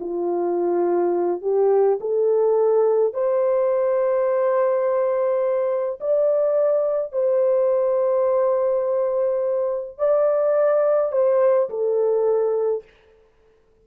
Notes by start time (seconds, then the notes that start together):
0.00 F4
1.42 G4
2.01 A4
3.14 C5
6.00 D5
7.12 C5
9.98 D5
11.12 C5
11.69 A4